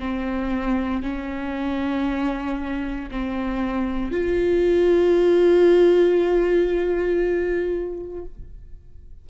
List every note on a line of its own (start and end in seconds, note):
0.00 1.03 C4
1.03 3.10 C#4
3.11 4.11 C4
4.11 8.25 F4